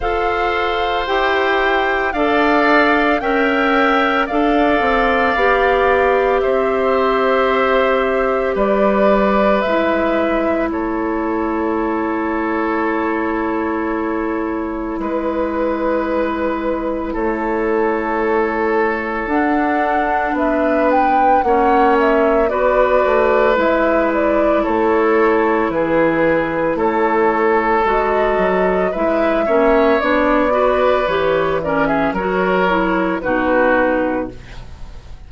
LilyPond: <<
  \new Staff \with { instrumentName = "flute" } { \time 4/4 \tempo 4 = 56 f''4 g''4 f''4 g''4 | f''2 e''2 | d''4 e''4 cis''2~ | cis''2 b'2 |
cis''2 fis''4 e''8 g''8 | fis''8 e''8 d''4 e''8 d''8 cis''4 | b'4 cis''4 dis''4 e''4 | d''4 cis''8 d''16 e''16 cis''4 b'4 | }
  \new Staff \with { instrumentName = "oboe" } { \time 4/4 c''2 d''4 e''4 | d''2 c''2 | b'2 a'2~ | a'2 b'2 |
a'2. b'4 | cis''4 b'2 a'4 | gis'4 a'2 b'8 cis''8~ | cis''8 b'4 ais'16 gis'16 ais'4 fis'4 | }
  \new Staff \with { instrumentName = "clarinet" } { \time 4/4 a'4 g'4 a'4 ais'4 | a'4 g'2.~ | g'4 e'2.~ | e'1~ |
e'2 d'2 | cis'4 fis'4 e'2~ | e'2 fis'4 e'8 cis'8 | d'8 fis'8 g'8 cis'8 fis'8 e'8 dis'4 | }
  \new Staff \with { instrumentName = "bassoon" } { \time 4/4 f'4 e'4 d'4 cis'4 | d'8 c'8 b4 c'2 | g4 gis4 a2~ | a2 gis2 |
a2 d'4 b4 | ais4 b8 a8 gis4 a4 | e4 a4 gis8 fis8 gis8 ais8 | b4 e4 fis4 b,4 | }
>>